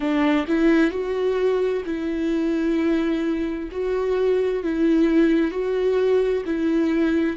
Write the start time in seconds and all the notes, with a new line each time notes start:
0.00 D4
0.47 E4
0.91 F#4
1.85 E4
3.71 F#4
4.63 E4
5.51 F#4
6.45 E4